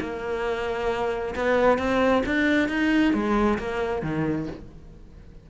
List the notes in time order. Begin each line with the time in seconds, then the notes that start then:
0.00 A#3
1.35 B3
1.78 C4
2.25 D4
2.68 D#4
3.13 G#3
3.58 A#3
4.02 D#3